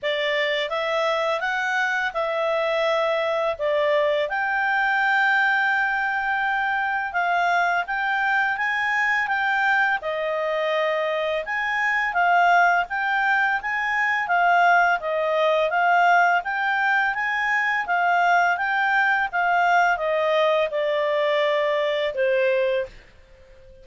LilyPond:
\new Staff \with { instrumentName = "clarinet" } { \time 4/4 \tempo 4 = 84 d''4 e''4 fis''4 e''4~ | e''4 d''4 g''2~ | g''2 f''4 g''4 | gis''4 g''4 dis''2 |
gis''4 f''4 g''4 gis''4 | f''4 dis''4 f''4 g''4 | gis''4 f''4 g''4 f''4 | dis''4 d''2 c''4 | }